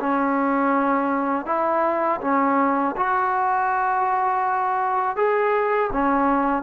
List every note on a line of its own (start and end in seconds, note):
0.00 1.46 C#4
1.46 2.20 E4
2.21 2.95 C#4
2.96 5.16 F#4
5.16 5.91 G#4
5.93 6.63 C#4